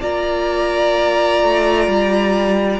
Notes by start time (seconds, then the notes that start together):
0.00 A#3 F4 D5 A#5
1.43 A3
1.87 G3